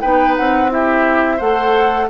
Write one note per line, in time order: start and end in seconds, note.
0.00 0.37 B3
0.00 0.69 D#4
0.00 0.70 B4
0.00 0.34 G5
0.36 1.40 C4
0.36 0.71 F#5
0.69 1.38 E4
0.69 1.36 G4
0.69 1.39 E5
1.36 2.09 A3
1.36 2.08 A4
1.36 2.05 C5
1.36 2.08 F#5